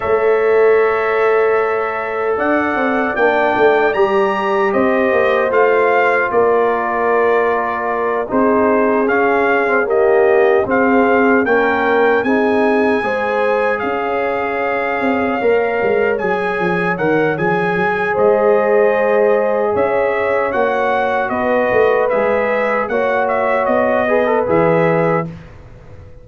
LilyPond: <<
  \new Staff \with { instrumentName = "trumpet" } { \time 4/4 \tempo 4 = 76 e''2. fis''4 | g''4 ais''4 dis''4 f''4 | d''2~ d''8 c''4 f''8~ | f''8 dis''4 f''4 g''4 gis''8~ |
gis''4. f''2~ f''8~ | f''8 gis''4 fis''8 gis''4 dis''4~ | dis''4 e''4 fis''4 dis''4 | e''4 fis''8 e''8 dis''4 e''4 | }
  \new Staff \with { instrumentName = "horn" } { \time 4/4 cis''2. d''4~ | d''2 c''2 | ais'2~ ais'8 gis'4.~ | gis'8 g'4 gis'4 ais'4 gis'8~ |
gis'8 c''4 cis''2~ cis''8~ | cis''2. c''4~ | c''4 cis''2 b'4~ | b'4 cis''4. b'4. | }
  \new Staff \with { instrumentName = "trombone" } { \time 4/4 a'1 | d'4 g'2 f'4~ | f'2~ f'8 dis'4 cis'8~ | cis'16 c'16 ais4 c'4 cis'4 dis'8~ |
dis'8 gis'2. ais'8~ | ais'8 gis'4 ais'8 gis'2~ | gis'2 fis'2 | gis'4 fis'4. gis'16 a'16 gis'4 | }
  \new Staff \with { instrumentName = "tuba" } { \time 4/4 a2. d'8 c'8 | ais8 a8 g4 c'8 ais8 a4 | ais2~ ais8 c'4 cis'8~ | cis'4. c'4 ais4 c'8~ |
c'8 gis4 cis'4. c'8 ais8 | gis8 fis8 f8 dis8 f8 fis8 gis4~ | gis4 cis'4 ais4 b8 a8 | gis4 ais4 b4 e4 | }
>>